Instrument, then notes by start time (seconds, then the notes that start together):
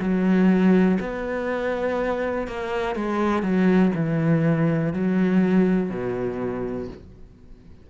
cello
0.00 F#3
1.00 B3
2.47 A#3
2.96 G#3
3.42 F#3
3.95 E3
4.94 F#3
5.90 B2